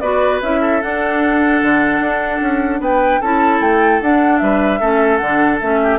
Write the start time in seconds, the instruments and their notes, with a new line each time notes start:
0.00 bassoon B3, clarinet F#4, oboe B4, flute D5
0.42 bassoon C#4, clarinet E4, flute E5
0.61 oboe A4
0.82 clarinet D4, bassoon D4, flute F#5
1.62 bassoon D3
2.01 bassoon D4
2.41 bassoon C#4
2.80 bassoon B3, oboe B4, flute G5
3.21 bassoon C#4, clarinet E4, oboe A4, flute A5
3.60 bassoon A3, flute G5
4.02 bassoon D4, clarinet D4, flute F#5
4.38 bassoon G3, oboe B4, flute E5
4.80 bassoon A3, clarinet C#4, oboe A4
5.17 bassoon D3, clarinet D4, flute F#5
5.61 bassoon A3, clarinet C#4, flute E5
5.83 oboe G4